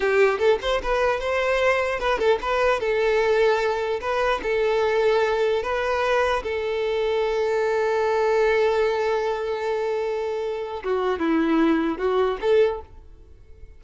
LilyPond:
\new Staff \with { instrumentName = "violin" } { \time 4/4 \tempo 4 = 150 g'4 a'8 c''8 b'4 c''4~ | c''4 b'8 a'8 b'4 a'4~ | a'2 b'4 a'4~ | a'2 b'2 |
a'1~ | a'1~ | a'2. fis'4 | e'2 fis'4 a'4 | }